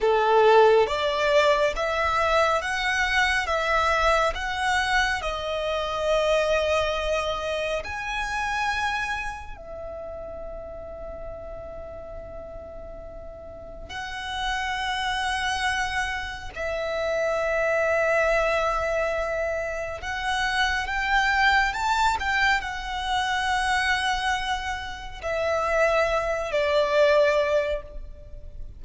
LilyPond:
\new Staff \with { instrumentName = "violin" } { \time 4/4 \tempo 4 = 69 a'4 d''4 e''4 fis''4 | e''4 fis''4 dis''2~ | dis''4 gis''2 e''4~ | e''1 |
fis''2. e''4~ | e''2. fis''4 | g''4 a''8 g''8 fis''2~ | fis''4 e''4. d''4. | }